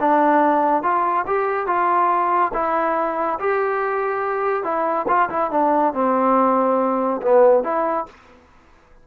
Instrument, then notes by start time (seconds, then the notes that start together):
trombone
0.00 D4
0.83 F4
1.27 G4
1.67 F4
2.54 E4
3.40 G4
4.64 E4
5.08 F4
5.30 E4
5.51 D4
5.94 C4
7.22 B3
7.64 E4